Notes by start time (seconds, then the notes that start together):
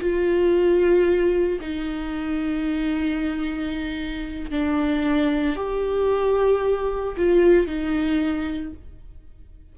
0.00 F4
1.60 D#4
4.51 D4
5.56 G4
7.17 F4
7.67 D#4